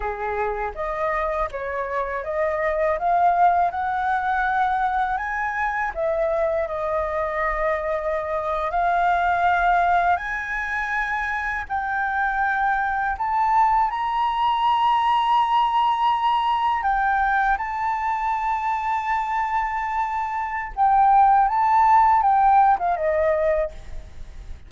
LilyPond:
\new Staff \with { instrumentName = "flute" } { \time 4/4 \tempo 4 = 81 gis'4 dis''4 cis''4 dis''4 | f''4 fis''2 gis''4 | e''4 dis''2~ dis''8. f''16~ | f''4.~ f''16 gis''2 g''16~ |
g''4.~ g''16 a''4 ais''4~ ais''16~ | ais''2~ ais''8. g''4 a''16~ | a''1 | g''4 a''4 g''8. f''16 dis''4 | }